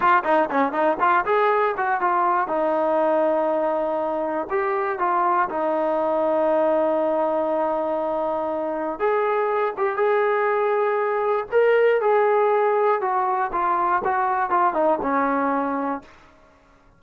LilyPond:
\new Staff \with { instrumentName = "trombone" } { \time 4/4 \tempo 4 = 120 f'8 dis'8 cis'8 dis'8 f'8 gis'4 fis'8 | f'4 dis'2.~ | dis'4 g'4 f'4 dis'4~ | dis'1~ |
dis'2 gis'4. g'8 | gis'2. ais'4 | gis'2 fis'4 f'4 | fis'4 f'8 dis'8 cis'2 | }